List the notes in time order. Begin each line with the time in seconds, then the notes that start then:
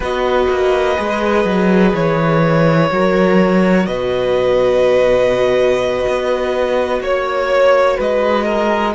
0.00 B3 F#4 B4 D#5
0.49 A#3
0.96 G#3 G#4
1.45 F#3
1.93 E3 C#5
2.90 F#3 F#4 A#4
3.86 B2 B4 D#5
6.07 B3
7.00 A#3 C#5
7.97 G#3 B4 D#5
8.45 A#4